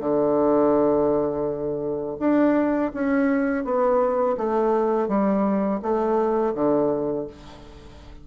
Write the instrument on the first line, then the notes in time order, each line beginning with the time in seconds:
bassoon
0.00 D3
2.20 D4
2.94 C#4
3.65 B3
4.38 A3
5.08 G3
5.82 A3
6.55 D3